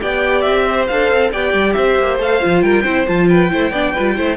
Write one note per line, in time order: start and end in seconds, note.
0.00 0.45 B3
0.00 0.88 G4
0.00 0.65 D5
0.00 0.41 G5
0.41 0.89 C4
0.41 0.85 E5
0.65 1.31 C5
0.87 1.11 D4
0.87 1.32 A4
0.87 1.31 F5
1.11 1.33 C4
1.31 1.53 B3
1.31 2.19 G4
1.31 1.75 D5
1.31 1.73 G5
1.53 1.75 G3
1.73 1.99 C4
1.73 2.63 C5
1.73 2.17 E5
1.99 2.18 A#3
2.18 2.40 A3
2.18 2.40 A4
2.18 2.62 F5
2.40 2.62 F3
2.40 2.84 F4
2.62 2.84 G3
2.62 2.83 A#4
2.62 3.06 G5
2.83 3.07 C4
2.83 3.06 E4
2.83 3.26 C5
3.07 3.52 F3
3.07 3.50 F4
3.07 3.28 A5
3.28 3.51 B4
3.28 4.36 G5
3.50 3.71 A3
3.50 3.72 E4
3.50 3.71 C5
3.71 3.93 B3
3.71 3.95 D4
3.71 3.92 D5
3.92 4.17 G3
3.92 4.17 F4
3.92 4.14 B4
4.16 4.36 A3
4.16 4.36 E4
4.16 4.36 C5